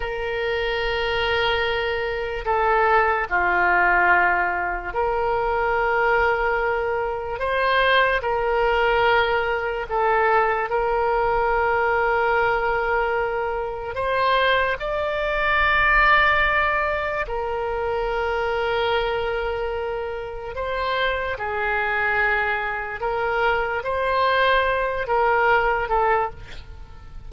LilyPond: \new Staff \with { instrumentName = "oboe" } { \time 4/4 \tempo 4 = 73 ais'2. a'4 | f'2 ais'2~ | ais'4 c''4 ais'2 | a'4 ais'2.~ |
ais'4 c''4 d''2~ | d''4 ais'2.~ | ais'4 c''4 gis'2 | ais'4 c''4. ais'4 a'8 | }